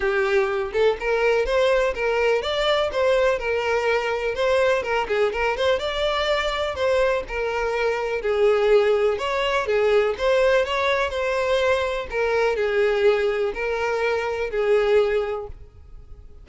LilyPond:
\new Staff \with { instrumentName = "violin" } { \time 4/4 \tempo 4 = 124 g'4. a'8 ais'4 c''4 | ais'4 d''4 c''4 ais'4~ | ais'4 c''4 ais'8 gis'8 ais'8 c''8 | d''2 c''4 ais'4~ |
ais'4 gis'2 cis''4 | gis'4 c''4 cis''4 c''4~ | c''4 ais'4 gis'2 | ais'2 gis'2 | }